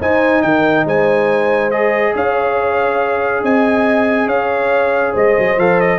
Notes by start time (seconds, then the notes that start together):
0.00 D#4 C5 G#5
0.42 D#3 A#4 G5
0.85 G#3 C5 G#5
1.70 G#4 D#5
2.14 C#4 C#5 F5
3.42 C4 D#5 G#5
4.26 C#4 C#5 F5
5.12 G#3 C5 D#5
5.38 F#3
5.57 F3 A4 F5
5.80 D#5